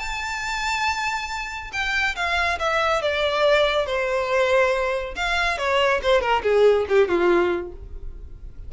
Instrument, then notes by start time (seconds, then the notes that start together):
violin
0.00 A5
1.73 G5
2.16 F5
2.59 E5
3.02 D5
3.87 C5
5.16 F5
5.58 C#5
6.03 C5
6.21 A#4
6.43 G#4
6.89 G4
7.09 F4